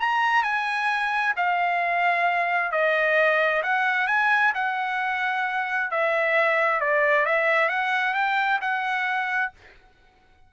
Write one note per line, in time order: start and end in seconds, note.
0.00 0.43 A#5
0.43 1.34 G#5
1.37 2.72 F5
2.72 3.63 D#5
3.63 4.08 F#5
4.08 4.53 G#5
4.55 5.91 F#5
5.91 6.81 E5
6.81 7.26 D5
7.26 7.69 E5
7.69 8.14 F#5
8.14 8.60 G5
8.62 9.52 F#5